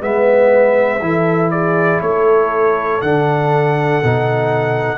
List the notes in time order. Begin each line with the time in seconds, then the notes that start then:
0.00 G#3 B3 B4 E5
1.00 E3 E4 A4
1.50 G#4 D5
2.01 A3 A4 C#5
3.01 D3 D4 F#5
4.03 B2 D#4